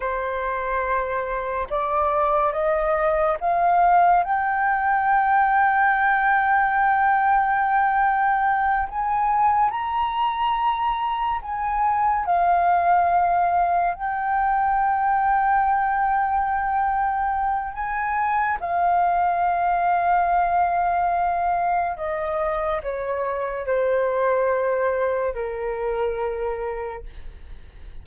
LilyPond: \new Staff \with { instrumentName = "flute" } { \time 4/4 \tempo 4 = 71 c''2 d''4 dis''4 | f''4 g''2.~ | g''2~ g''8 gis''4 ais''8~ | ais''4. gis''4 f''4.~ |
f''8 g''2.~ g''8~ | g''4 gis''4 f''2~ | f''2 dis''4 cis''4 | c''2 ais'2 | }